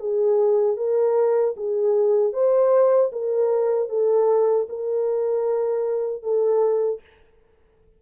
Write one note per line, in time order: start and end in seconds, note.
0.00 0.77 G#4
0.77 1.55 A#4
1.57 2.33 G#4
2.33 3.11 C5
3.13 3.90 A#4
3.90 4.68 A4
4.70 6.23 A#4
6.23 7.01 A4